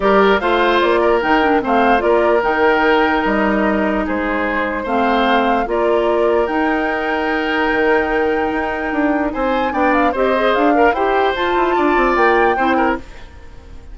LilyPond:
<<
  \new Staff \with { instrumentName = "flute" } { \time 4/4 \tempo 4 = 148 d''4 f''4 d''4 g''4 | f''4 d''4 g''2 | dis''2 c''2 | f''2 d''2 |
g''1~ | g''2. gis''4 | g''8 f''8 dis''4 f''4 g''4 | a''2 g''2 | }
  \new Staff \with { instrumentName = "oboe" } { \time 4/4 ais'4 c''4. ais'4. | c''4 ais'2.~ | ais'2 gis'2 | c''2 ais'2~ |
ais'1~ | ais'2. c''4 | d''4 c''4. ais'8 c''4~ | c''4 d''2 c''8 ais'8 | }
  \new Staff \with { instrumentName = "clarinet" } { \time 4/4 g'4 f'2 dis'8 d'8 | c'4 f'4 dis'2~ | dis'1 | c'2 f'2 |
dis'1~ | dis'1 | d'4 g'8 gis'4 ais'8 g'4 | f'2. e'4 | }
  \new Staff \with { instrumentName = "bassoon" } { \time 4/4 g4 a4 ais4 dis4 | a4 ais4 dis2 | g2 gis2 | a2 ais2 |
dis'2. dis4~ | dis4 dis'4 d'4 c'4 | b4 c'4 d'4 e'4 | f'8 e'8 d'8 c'8 ais4 c'4 | }
>>